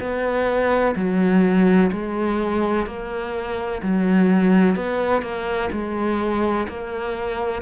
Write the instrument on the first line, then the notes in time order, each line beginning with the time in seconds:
cello
0.00 B3
0.96 F#3
1.92 G#3
2.87 A#3
3.83 F#3
4.76 B3
5.22 A#3
5.72 G#3
6.68 A#3